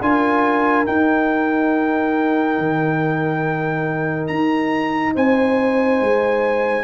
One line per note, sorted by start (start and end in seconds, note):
0.00 0.86 D4
0.00 0.86 F4
0.00 5.14 A#4
0.00 0.86 G#5
0.86 6.84 D#4
0.86 2.58 D#4
0.86 4.27 G5
2.58 4.29 D#3
4.27 5.15 D#4
4.27 5.13 A#5
5.14 6.01 C4
5.14 6.84 C5
5.14 6.84 G#5
6.01 6.84 G#3